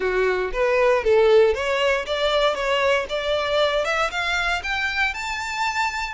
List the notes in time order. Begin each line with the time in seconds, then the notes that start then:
0.00 F#4
0.53 B4
1.03 A4
1.54 C#5
2.06 D5
2.54 C#5
3.09 D5
3.84 E5
4.10 F5
4.63 G5
5.14 A5